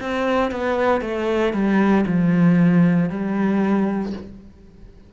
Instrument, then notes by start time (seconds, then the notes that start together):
cello
0.00 C4
0.51 B3
1.01 A3
1.53 G3
2.06 F3
3.09 G3